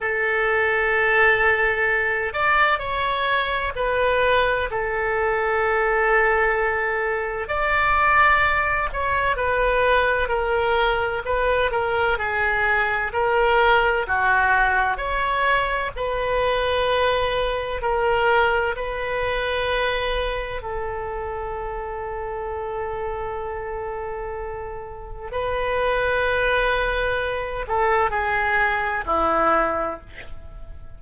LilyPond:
\new Staff \with { instrumentName = "oboe" } { \time 4/4 \tempo 4 = 64 a'2~ a'8 d''8 cis''4 | b'4 a'2. | d''4. cis''8 b'4 ais'4 | b'8 ais'8 gis'4 ais'4 fis'4 |
cis''4 b'2 ais'4 | b'2 a'2~ | a'2. b'4~ | b'4. a'8 gis'4 e'4 | }